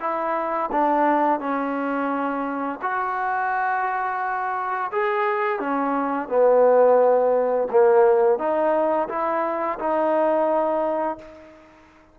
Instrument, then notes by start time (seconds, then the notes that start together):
trombone
0.00 E4
0.72 D4
1.40 C#4
2.82 F#4
4.92 G#4
5.59 C#4
6.29 B3
7.70 A#3
8.38 D#4
9.09 E4
9.79 D#4